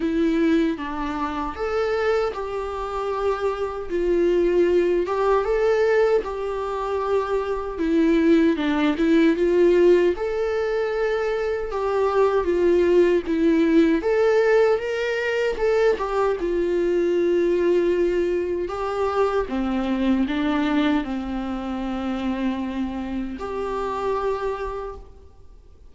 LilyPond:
\new Staff \with { instrumentName = "viola" } { \time 4/4 \tempo 4 = 77 e'4 d'4 a'4 g'4~ | g'4 f'4. g'8 a'4 | g'2 e'4 d'8 e'8 | f'4 a'2 g'4 |
f'4 e'4 a'4 ais'4 | a'8 g'8 f'2. | g'4 c'4 d'4 c'4~ | c'2 g'2 | }